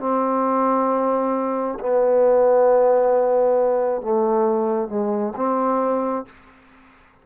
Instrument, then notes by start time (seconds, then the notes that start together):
trombone
0.00 C4
1.80 B3
4.02 A3
4.89 G#3
5.36 C4